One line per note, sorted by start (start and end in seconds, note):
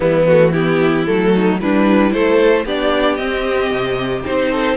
0.00 1.07 E3
0.00 0.25 G3
0.00 0.52 B3
0.00 0.26 E4
0.26 0.54 A3
0.26 0.53 F#4
0.52 1.06 B3
0.52 1.32 E4
0.52 1.05 G4
1.05 1.61 F#3
1.05 1.59 A3
1.05 1.58 A4
1.34 1.61 D#4
1.60 2.13 G3
1.60 2.13 D4
1.60 2.66 E4
1.60 2.12 B4
2.12 2.65 A3
2.12 2.65 A4
2.12 2.65 C5
2.65 3.18 B3
2.65 3.18 D4
2.65 4.50 G4
2.65 3.16 D5
3.16 3.71 C4
3.16 4.24 C4
3.16 4.22 D#5
3.71 4.24 C3
4.24 4.76 C4
4.24 4.76 D#4
4.24 4.76 C5
4.50 4.76 A4